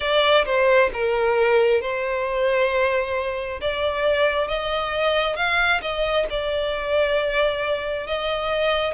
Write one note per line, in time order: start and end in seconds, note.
0.00 0.44 D5
0.45 0.90 C5
0.93 1.81 A#4
1.81 3.60 C5
3.61 4.47 D5
4.47 5.36 D#5
5.36 5.80 F5
5.81 6.26 D#5
6.30 8.06 D5
8.06 8.93 D#5